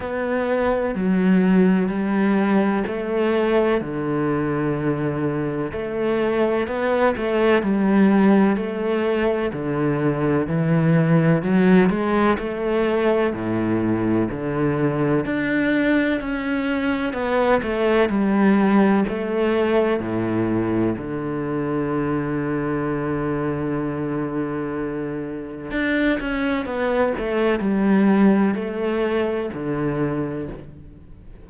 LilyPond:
\new Staff \with { instrumentName = "cello" } { \time 4/4 \tempo 4 = 63 b4 fis4 g4 a4 | d2 a4 b8 a8 | g4 a4 d4 e4 | fis8 gis8 a4 a,4 d4 |
d'4 cis'4 b8 a8 g4 | a4 a,4 d2~ | d2. d'8 cis'8 | b8 a8 g4 a4 d4 | }